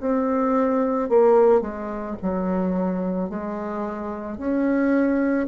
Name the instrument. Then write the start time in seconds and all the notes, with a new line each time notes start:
bassoon
0.00 C4
1.09 A#3
1.61 G#3
2.22 F#3
3.29 G#3
4.37 C#4